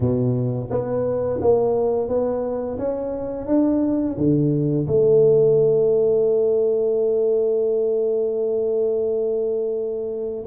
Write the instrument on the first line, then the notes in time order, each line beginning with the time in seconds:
tuba
0.00 B2
0.70 B3
1.41 A#3
2.08 B3
2.78 C#4
3.47 D4
4.17 D3
4.87 A3